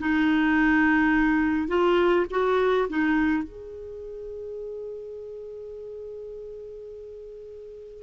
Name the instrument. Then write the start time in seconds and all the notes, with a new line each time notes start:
clarinet
0.00 D#4
1.68 F4
2.31 F#4
2.90 D#4
3.43 G#4